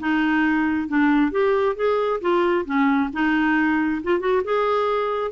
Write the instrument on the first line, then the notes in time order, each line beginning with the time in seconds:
clarinet
0.00 D#4
0.89 D4
1.32 G4
1.76 G#4
2.21 F4
2.66 C#4
3.14 D#4
4.04 F4
4.20 F#4
4.44 G#4